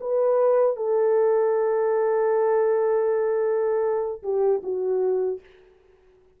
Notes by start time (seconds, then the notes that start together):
0.00 B4
0.76 A4
4.22 G4
4.63 F#4